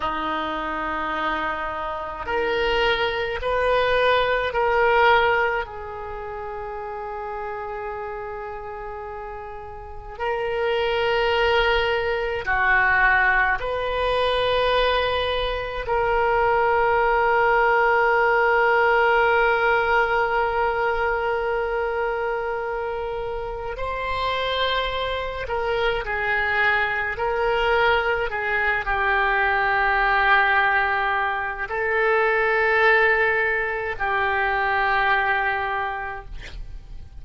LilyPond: \new Staff \with { instrumentName = "oboe" } { \time 4/4 \tempo 4 = 53 dis'2 ais'4 b'4 | ais'4 gis'2.~ | gis'4 ais'2 fis'4 | b'2 ais'2~ |
ais'1~ | ais'4 c''4. ais'8 gis'4 | ais'4 gis'8 g'2~ g'8 | a'2 g'2 | }